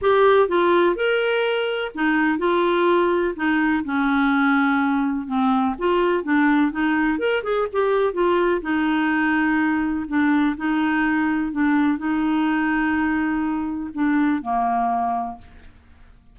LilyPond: \new Staff \with { instrumentName = "clarinet" } { \time 4/4 \tempo 4 = 125 g'4 f'4 ais'2 | dis'4 f'2 dis'4 | cis'2. c'4 | f'4 d'4 dis'4 ais'8 gis'8 |
g'4 f'4 dis'2~ | dis'4 d'4 dis'2 | d'4 dis'2.~ | dis'4 d'4 ais2 | }